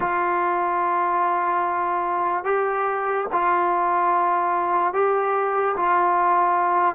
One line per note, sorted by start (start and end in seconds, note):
0.00 2.44 F4
2.44 3.27 G4
3.32 4.93 F4
4.93 5.75 G4
5.76 6.95 F4